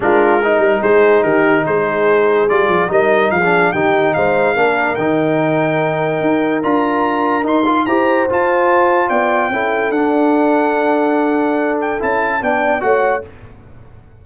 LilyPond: <<
  \new Staff \with { instrumentName = "trumpet" } { \time 4/4 \tempo 4 = 145 ais'2 c''4 ais'4 | c''2 d''4 dis''4 | f''4 g''4 f''2 | g''1 |
ais''2 c'''4 ais''4 | a''2 g''2 | fis''1~ | fis''8 g''8 a''4 g''4 fis''4 | }
  \new Staff \with { instrumentName = "horn" } { \time 4/4 f'4 dis'4 gis'4 g'4 | gis'2. ais'4 | gis'4 g'4 c''4 ais'4~ | ais'1~ |
ais'2. c''4~ | c''2 d''4 a'4~ | a'1~ | a'2 d''4 cis''4 | }
  \new Staff \with { instrumentName = "trombone" } { \time 4/4 d'4 dis'2.~ | dis'2 f'4 dis'4~ | dis'16 d'8. dis'2 d'4 | dis'1 |
f'2 dis'8 f'8 g'4 | f'2. e'4 | d'1~ | d'4 e'4 d'4 fis'4 | }
  \new Staff \with { instrumentName = "tuba" } { \time 4/4 gis4. g8 gis4 dis4 | gis2 g8 f8 g4 | f4 dis4 gis4 ais4 | dis2. dis'4 |
d'2 dis'4 e'4 | f'2 b4 cis'4 | d'1~ | d'4 cis'4 b4 a4 | }
>>